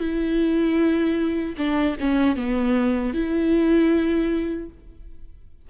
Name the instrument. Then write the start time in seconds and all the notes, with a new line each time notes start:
viola
0.00 E4
1.58 D4
2.00 C#4
2.36 B3
3.13 E4